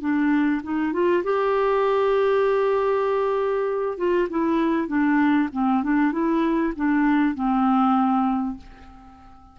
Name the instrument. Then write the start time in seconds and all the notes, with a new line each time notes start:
clarinet
0.00 D4
0.63 D#4
0.92 F4
1.23 G4
3.97 F4
4.29 E4
4.87 D4
5.52 C4
5.83 D4
6.12 E4
6.75 D4
7.34 C4